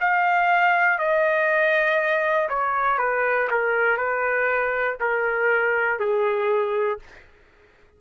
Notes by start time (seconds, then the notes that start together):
0.00 F5
0.99 D#5
2.49 C#5
2.98 B4
3.51 A#4
3.97 B4
5.00 A#4
6.00 G#4